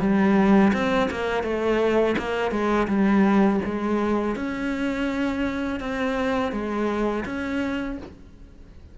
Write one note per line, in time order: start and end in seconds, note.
0.00 0.72 G3
0.74 1.10 C4
1.11 1.43 A#3
1.43 2.16 A3
2.18 2.51 A#3
2.51 2.88 G#3
2.88 3.60 G3
3.66 4.36 G#3
4.36 5.80 C#4
5.80 6.52 C4
6.52 7.25 G#3
7.26 7.98 C#4